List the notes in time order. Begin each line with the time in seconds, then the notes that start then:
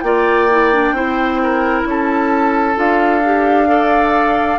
0.00 A#3 F4 D5 G5
0.50 E4
0.73 D4
0.92 C4 E4 C5
1.43 A#4
1.85 C#4 A4 A5
2.75 D4 F4 F5
3.25 G4
3.67 A4 D5